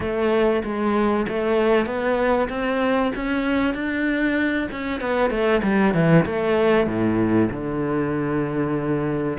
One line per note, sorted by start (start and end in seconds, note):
0.00 0.62 A3
0.64 1.26 G#3
1.28 1.86 A3
1.86 2.48 B3
2.49 3.11 C4
3.15 3.74 C#4
3.74 4.68 D4
4.71 5.00 C#4
5.00 5.30 B3
5.30 5.61 A3
5.62 5.93 G3
5.93 6.25 E3
6.25 6.86 A3
6.86 7.49 A2
7.50 9.38 D3